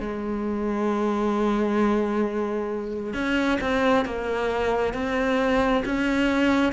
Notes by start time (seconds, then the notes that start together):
0.00 G#3
3.13 C#4
3.61 C4
4.05 A#3
4.93 C4
5.85 C#4